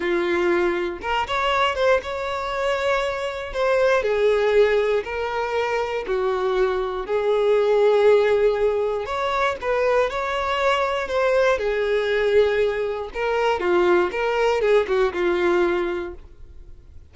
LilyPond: \new Staff \with { instrumentName = "violin" } { \time 4/4 \tempo 4 = 119 f'2 ais'8 cis''4 c''8 | cis''2. c''4 | gis'2 ais'2 | fis'2 gis'2~ |
gis'2 cis''4 b'4 | cis''2 c''4 gis'4~ | gis'2 ais'4 f'4 | ais'4 gis'8 fis'8 f'2 | }